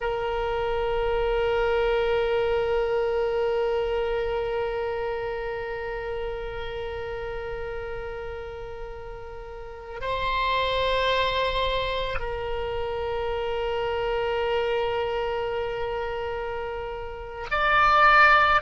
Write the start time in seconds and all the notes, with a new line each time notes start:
0.01 A#4
10.00 C5
12.19 A#4
17.50 D5